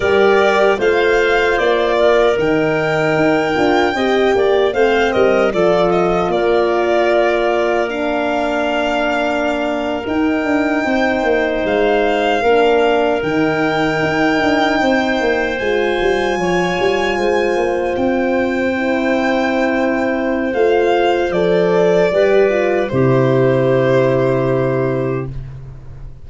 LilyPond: <<
  \new Staff \with { instrumentName = "violin" } { \time 4/4 \tempo 4 = 76 d''4 f''4 d''4 g''4~ | g''2 f''8 dis''8 d''8 dis''8 | d''2 f''2~ | f''8. g''2 f''4~ f''16~ |
f''8. g''2. gis''16~ | gis''2~ gis''8. g''4~ g''16~ | g''2 f''4 d''4~ | d''4 c''2. | }
  \new Staff \with { instrumentName = "clarinet" } { \time 4/4 ais'4 c''4. ais'4.~ | ais'4 dis''8 d''8 c''8 ais'8 a'4 | ais'1~ | ais'4.~ ais'16 c''2 ais'16~ |
ais'2~ ais'8. c''4~ c''16~ | c''8. cis''4 c''2~ c''16~ | c''1 | b'4 g'2. | }
  \new Staff \with { instrumentName = "horn" } { \time 4/4 g'4 f'2 dis'4~ | dis'8 f'8 g'4 c'4 f'4~ | f'2 d'2~ | d'8. dis'2. d'16~ |
d'8. dis'2. f'16~ | f'2.~ f'8. e'16~ | e'2 f'4 a'4 | g'8 f'8 e'2. | }
  \new Staff \with { instrumentName = "tuba" } { \time 4/4 g4 a4 ais4 dis4 | dis'8 d'8 c'8 ais8 a8 g8 f4 | ais1~ | ais8. dis'8 d'8 c'8 ais8 gis4 ais16~ |
ais8. dis4 dis'8 d'8 c'8 ais8 gis16~ | gis16 g8 f8 g8 gis8 ais8 c'4~ c'16~ | c'2 a4 f4 | g4 c2. | }
>>